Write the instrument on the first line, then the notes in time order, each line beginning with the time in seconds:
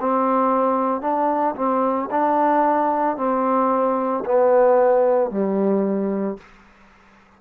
trombone
0.00 C4
1.01 D4
1.56 C4
2.11 D4
3.17 C4
4.25 B3
5.30 G3